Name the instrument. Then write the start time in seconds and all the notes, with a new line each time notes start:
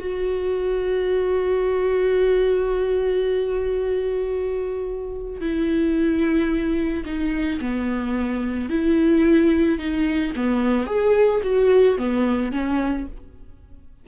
viola
0.00 F#4
5.41 E4
7.06 D#4
7.61 B3
8.70 E4
9.79 D#4
10.36 B3
10.87 G#4
11.44 F#4
11.98 B3
12.53 C#4